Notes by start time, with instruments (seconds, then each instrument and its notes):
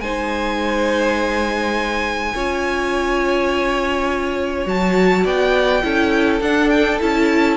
0.00 cello G#3, viola D#4, violin C5 G#5
2.34 cello C#4, viola F4, violin C#5
4.66 cello F#3, viola F#4, violin A5
5.24 cello B3, violin D5 G5
5.82 cello C#4, viola E4, violin A4
6.40 cello D4, viola D4, violin F#5
6.69 violin G5
7.00 cello C#4, viola E4, violin A5